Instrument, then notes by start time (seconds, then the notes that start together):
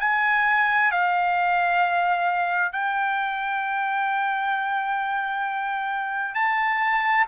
trumpet
0.00 G#5
0.91 F5
2.72 G5
6.34 A5